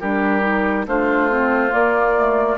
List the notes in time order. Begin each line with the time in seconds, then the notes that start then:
0.00 G3 D4 G4 A#4
0.41 D#4
0.86 A3 D4 F4 C5
1.30 C4
1.68 A#3 D5
2.16 A3